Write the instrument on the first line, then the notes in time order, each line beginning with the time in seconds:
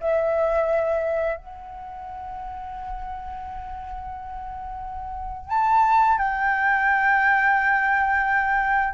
flute
0.00 E5
1.36 F#5
5.49 A5
6.18 G5